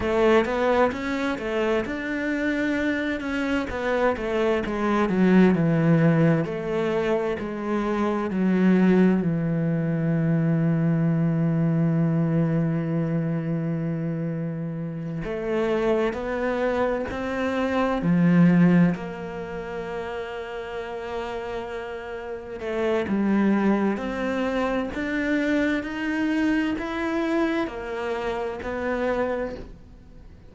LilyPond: \new Staff \with { instrumentName = "cello" } { \time 4/4 \tempo 4 = 65 a8 b8 cis'8 a8 d'4. cis'8 | b8 a8 gis8 fis8 e4 a4 | gis4 fis4 e2~ | e1~ |
e8 a4 b4 c'4 f8~ | f8 ais2.~ ais8~ | ais8 a8 g4 c'4 d'4 | dis'4 e'4 ais4 b4 | }